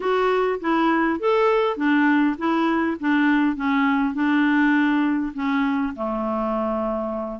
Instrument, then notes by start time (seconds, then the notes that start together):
clarinet
0.00 F#4
0.60 E4
1.19 A4
1.76 D4
2.38 E4
3.00 D4
3.55 C#4
4.13 D4
5.34 C#4
5.95 A3